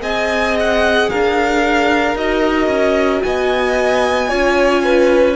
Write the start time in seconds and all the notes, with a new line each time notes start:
0.00 C4 G#4 D#5 G#5
0.59 F#5
1.09 D4 A#4 F5
2.15 D#4 F#4 D#5
2.67 C#4
3.22 B3 D#5 G#5
4.28 C#4 F4 C#5
4.84 B4